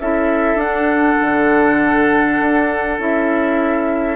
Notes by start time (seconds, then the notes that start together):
0.00 C#4 E4 A4 E5
0.55 D4 F#5
1.21 D3
2.40 D4
2.99 C#4 E4 E5